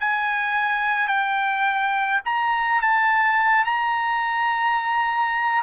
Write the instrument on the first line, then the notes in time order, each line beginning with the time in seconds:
trumpet
0.00 G#5
1.08 G5
2.25 A#5
2.82 A5
3.65 A#5